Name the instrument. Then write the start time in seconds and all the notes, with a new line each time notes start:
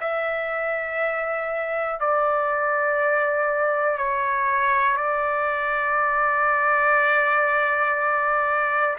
trumpet
0.00 E5
2.00 D5
3.98 C#5
4.97 D5